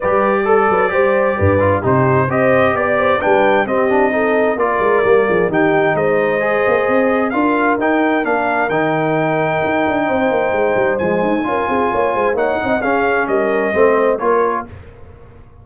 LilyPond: <<
  \new Staff \with { instrumentName = "trumpet" } { \time 4/4 \tempo 4 = 131 d''1 | c''4 dis''4 d''4 g''4 | dis''2 d''2 | g''4 dis''2. |
f''4 g''4 f''4 g''4~ | g''1 | gis''2. fis''4 | f''4 dis''2 cis''4 | }
  \new Staff \with { instrumentName = "horn" } { \time 4/4 b'4 a'8 b'8 c''4 b'4 | g'4 c''4 d''8 c''8 b'4 | g'4 a'4 ais'4. gis'8 | g'4 c''2. |
ais'1~ | ais'2 c''2~ | c''4 ais'8 gis'8 cis''8 c''8 cis''8 dis''8 | gis'4 ais'4 c''4 ais'4 | }
  \new Staff \with { instrumentName = "trombone" } { \time 4/4 g'4 a'4 g'4. f'8 | dis'4 g'2 d'4 | c'8 d'8 dis'4 f'4 ais4 | dis'2 gis'2 |
f'4 dis'4 d'4 dis'4~ | dis'1 | gis4 f'2 dis'4 | cis'2 c'4 f'4 | }
  \new Staff \with { instrumentName = "tuba" } { \time 4/4 g4. fis8 g4 g,4 | c4 c'4 b4 g4 | c'2 ais8 gis8 g8 f8 | dis4 gis4. ais8 c'4 |
d'4 dis'4 ais4 dis4~ | dis4 dis'8 d'8 c'8 ais8 gis8 g8 | f8 dis'8 cis'8 c'8 ais8 gis8 ais8 c'8 | cis'4 g4 a4 ais4 | }
>>